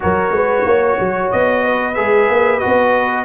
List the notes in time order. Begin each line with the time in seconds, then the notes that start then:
0.00 F#3 F#4 A#4 C#5
0.31 G#3 B4
0.65 A#3 C#5
1.00 F#3
1.31 B3 D#5
1.64 B4
1.94 G#3 G#4 E5
2.28 A#3
2.59 F#4 D#5
2.65 B3